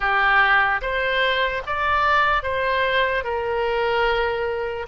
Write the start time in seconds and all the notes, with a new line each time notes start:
0.00 G4
0.81 C5
1.66 D5
2.43 C5
3.24 A#4